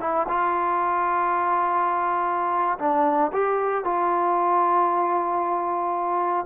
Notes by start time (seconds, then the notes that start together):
0.00 E4
0.28 F4
2.79 D4
3.32 G4
3.84 F4